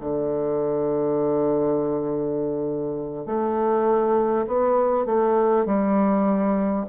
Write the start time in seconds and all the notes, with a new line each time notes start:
0.00 D3
3.26 A3
4.47 B3
5.06 A3
5.66 G3